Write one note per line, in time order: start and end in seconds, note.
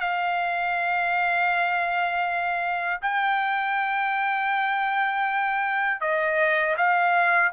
0.00 3.00 F5
3.01 6.00 G5
6.00 6.75 D#5
6.77 7.52 F5